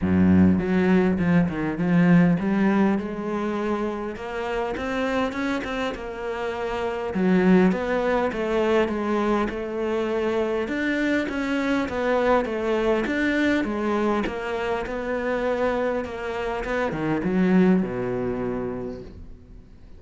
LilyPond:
\new Staff \with { instrumentName = "cello" } { \time 4/4 \tempo 4 = 101 fis,4 fis4 f8 dis8 f4 | g4 gis2 ais4 | c'4 cis'8 c'8 ais2 | fis4 b4 a4 gis4 |
a2 d'4 cis'4 | b4 a4 d'4 gis4 | ais4 b2 ais4 | b8 dis8 fis4 b,2 | }